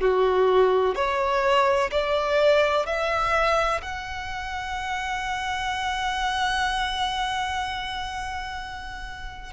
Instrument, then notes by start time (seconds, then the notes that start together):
violin
0.00 F#4
0.95 C#5
1.91 D5
2.86 E5
3.81 F#5